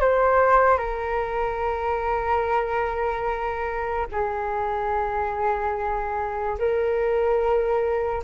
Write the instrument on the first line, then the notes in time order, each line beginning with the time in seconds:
flute
0.00 C5
0.78 A#4
4.11 G#4
6.58 A#4